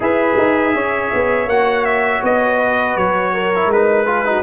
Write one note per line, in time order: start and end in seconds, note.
0.00 0.35 E4
0.00 1.48 G#4
0.00 0.75 B4
0.00 1.49 E5
0.37 0.75 D#4
0.75 1.12 C#4
0.75 2.56 C#5
1.13 1.46 B3
1.46 2.21 A#3
1.46 3.54 F#4
1.46 1.84 F#5
1.84 2.21 E5
2.23 2.96 B3
2.23 2.96 D#5
2.56 3.31 B4
2.96 3.66 F#3
2.96 3.71 C#5
3.33 4.05 A#4
3.54 3.73 E4
3.66 4.40 G#3
3.66 4.42 B4
3.73 4.06 D#4
4.05 4.25 F4
4.05 4.23 G#4
4.25 4.42 D#4
4.25 4.42 F#4